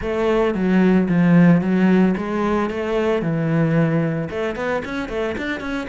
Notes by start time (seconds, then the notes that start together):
0.01 A3
0.54 F#3
1.08 F3
1.61 F#3
2.17 G#3
2.70 A3
3.21 E3
4.30 A3
4.55 B3
4.84 C#4
5.09 A3
5.37 D4
5.60 C#4